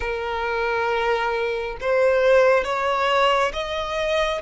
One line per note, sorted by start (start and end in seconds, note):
0.00 1.76 A#4
1.80 2.64 C5
2.64 3.52 C#5
3.53 4.41 D#5